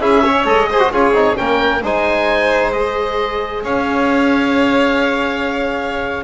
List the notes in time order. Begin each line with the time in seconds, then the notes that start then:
0.00 C#4 E4 G#4 E5
0.23 C#4 C#5
0.45 G#3 A4 D#5
0.70 G#4 C5
0.80 F#4
0.91 C#4 F4 G#4 C#5
1.11 C4 D#4
1.36 A#3 C#4 A#4 G5
1.82 G#3 D#4 C5 G#5
2.72 G#4 D#5
3.63 C#4 C#5 F5